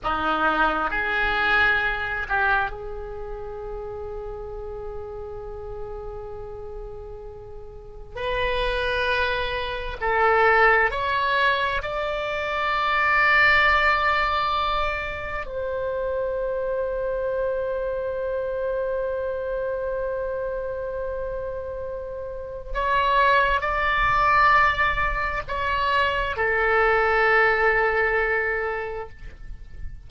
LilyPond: \new Staff \with { instrumentName = "oboe" } { \time 4/4 \tempo 4 = 66 dis'4 gis'4. g'8 gis'4~ | gis'1~ | gis'4 b'2 a'4 | cis''4 d''2.~ |
d''4 c''2.~ | c''1~ | c''4 cis''4 d''2 | cis''4 a'2. | }